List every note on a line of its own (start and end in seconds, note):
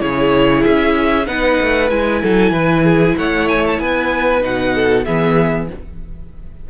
0.00 0.65 C#3
0.00 1.26 E4
0.00 1.28 G#4
0.00 0.64 C#5
0.65 1.28 C#4
0.65 1.27 E5
1.26 1.60 B3
1.26 1.89 D#4
1.26 2.23 B4
1.26 1.90 F#5
1.62 1.91 A3
1.90 2.23 G#3
1.90 4.42 E4
1.90 3.17 G#5
2.23 2.52 F#3
2.23 2.53 A4
2.52 3.15 E3
2.52 2.85 B4
2.85 3.17 G#4
3.18 3.80 A3
3.18 3.82 C#5
3.18 3.49 F#5
3.49 3.65 G#5
3.67 3.80 A5
3.80 4.43 B3
3.80 4.75 B4
3.80 4.43 G#5
4.42 5.06 B2
4.42 5.05 D#4
4.42 5.05 F#5
4.75 5.06 A4
5.05 5.71 E3
5.05 5.70 B3
5.05 5.69 G#4
5.05 5.68 E5